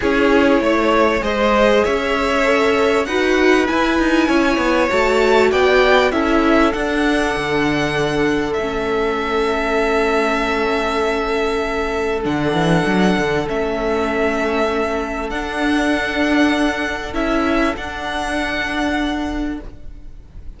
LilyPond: <<
  \new Staff \with { instrumentName = "violin" } { \time 4/4 \tempo 4 = 98 cis''2 dis''4 e''4~ | e''4 fis''4 gis''2 | a''4 g''4 e''4 fis''4~ | fis''2 e''2~ |
e''1 | fis''2 e''2~ | e''4 fis''2. | e''4 fis''2. | }
  \new Staff \with { instrumentName = "violin" } { \time 4/4 gis'4 cis''4 c''4 cis''4~ | cis''4 b'2 cis''4~ | cis''4 d''4 a'2~ | a'1~ |
a'1~ | a'1~ | a'1~ | a'1 | }
  \new Staff \with { instrumentName = "viola" } { \time 4/4 e'2 gis'2 | a'4 fis'4 e'2 | fis'2 e'4 d'4~ | d'2 cis'2~ |
cis'1 | d'2 cis'2~ | cis'4 d'2. | e'4 d'2. | }
  \new Staff \with { instrumentName = "cello" } { \time 4/4 cis'4 a4 gis4 cis'4~ | cis'4 dis'4 e'8 dis'8 cis'8 b8 | a4 b4 cis'4 d'4 | d2 a2~ |
a1 | d8 e8 fis8 d8 a2~ | a4 d'2. | cis'4 d'2. | }
>>